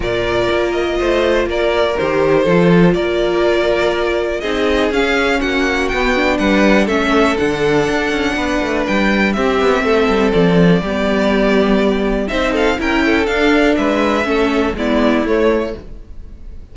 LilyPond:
<<
  \new Staff \with { instrumentName = "violin" } { \time 4/4 \tempo 4 = 122 d''4. dis''4. d''4 | c''2 d''2~ | d''4 dis''4 f''4 fis''4 | g''4 fis''4 e''4 fis''4~ |
fis''2 g''4 e''4~ | e''4 d''2.~ | d''4 e''8 f''8 g''4 f''4 | e''2 d''4 cis''4 | }
  \new Staff \with { instrumentName = "violin" } { \time 4/4 ais'2 c''4 ais'4~ | ais'4 a'4 ais'2~ | ais'4 gis'2 fis'4~ | fis'4 b'4 a'2~ |
a'4 b'2 g'4 | a'2 g'2~ | g'4 c''8 a'8 ais'8 a'4. | b'4 a'4 e'2 | }
  \new Staff \with { instrumentName = "viola" } { \time 4/4 f'1 | g'4 f'2.~ | f'4 dis'4 cis'2 | b8 d'4. cis'4 d'4~ |
d'2. c'4~ | c'2 b2~ | b4 dis'4 e'4 d'4~ | d'4 cis'4 b4 a4 | }
  \new Staff \with { instrumentName = "cello" } { \time 4/4 ais,4 ais4 a4 ais4 | dis4 f4 ais2~ | ais4 c'4 cis'4 ais4 | b4 g4 a4 d4 |
d'8 cis'8 b8 a8 g4 c'8 b8 | a8 g8 f4 g2~ | g4 c'4 cis'4 d'4 | gis4 a4 gis4 a4 | }
>>